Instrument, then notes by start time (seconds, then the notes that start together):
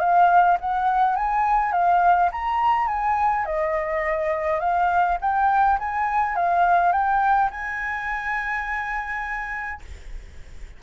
flute
0.00 F5
0.61 F#5
1.16 G#5
1.73 F5
2.32 A#5
2.88 G#5
3.46 D#5
4.60 F5
5.21 G5
5.79 G#5
6.36 F5
6.92 G5
7.51 G#5